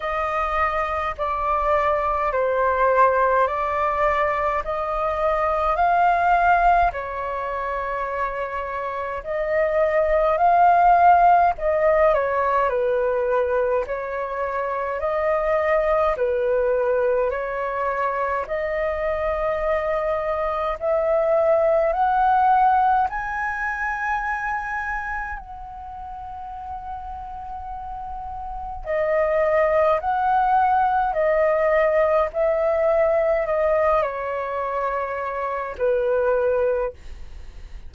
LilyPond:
\new Staff \with { instrumentName = "flute" } { \time 4/4 \tempo 4 = 52 dis''4 d''4 c''4 d''4 | dis''4 f''4 cis''2 | dis''4 f''4 dis''8 cis''8 b'4 | cis''4 dis''4 b'4 cis''4 |
dis''2 e''4 fis''4 | gis''2 fis''2~ | fis''4 dis''4 fis''4 dis''4 | e''4 dis''8 cis''4. b'4 | }